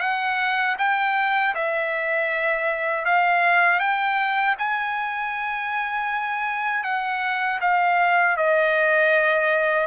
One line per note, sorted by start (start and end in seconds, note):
0.00 0.76 F#5
0.78 1.54 G5
1.55 3.05 E5
3.05 3.79 F5
3.79 4.55 G5
4.58 6.84 G#5
6.84 7.59 F#5
7.61 8.37 F5
8.37 9.87 D#5